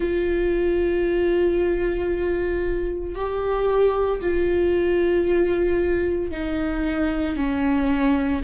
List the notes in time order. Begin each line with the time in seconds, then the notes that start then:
0.00 F4
3.15 G4
4.21 F4
6.31 D#4
7.36 C#4